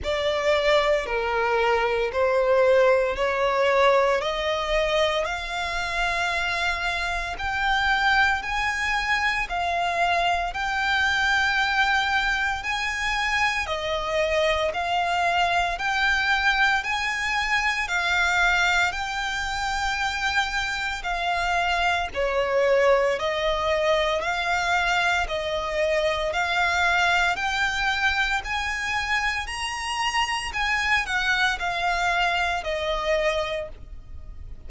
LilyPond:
\new Staff \with { instrumentName = "violin" } { \time 4/4 \tempo 4 = 57 d''4 ais'4 c''4 cis''4 | dis''4 f''2 g''4 | gis''4 f''4 g''2 | gis''4 dis''4 f''4 g''4 |
gis''4 f''4 g''2 | f''4 cis''4 dis''4 f''4 | dis''4 f''4 g''4 gis''4 | ais''4 gis''8 fis''8 f''4 dis''4 | }